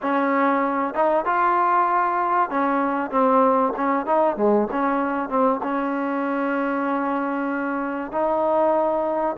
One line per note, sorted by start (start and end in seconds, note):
0.02 0.94 C#4
0.94 1.25 D#4
1.25 2.50 F4
2.50 3.10 C#4
3.10 3.73 C4
3.76 4.06 C#4
4.06 4.36 D#4
4.36 4.67 G#3
4.71 5.29 C#4
5.29 5.60 C4
5.62 8.11 C#4
8.11 9.36 D#4